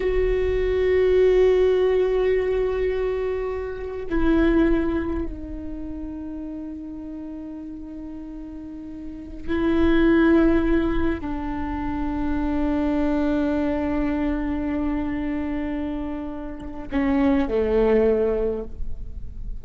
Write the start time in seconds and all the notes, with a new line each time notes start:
0.00 F#4
4.09 E4
5.26 D#4
9.47 E4
11.20 D4
16.91 C#4
17.48 A3